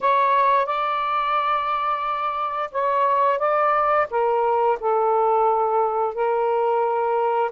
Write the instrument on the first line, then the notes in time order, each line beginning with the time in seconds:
saxophone
0.01 C#5
0.66 D5
2.71 C#5
3.38 D5
4.10 A#4
4.79 A4
6.14 A#4